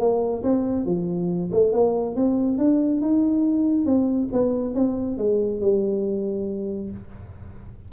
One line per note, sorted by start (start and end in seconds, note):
0.00 0.43 A#3
0.43 0.86 C4
0.86 1.51 F3
1.52 1.72 A3
1.72 2.16 A#3
2.16 2.58 C4
2.58 3.01 D4
3.01 3.86 D#4
3.86 4.29 C4
4.33 4.74 B3
4.74 5.18 C4
5.18 5.61 G#3
5.61 6.90 G3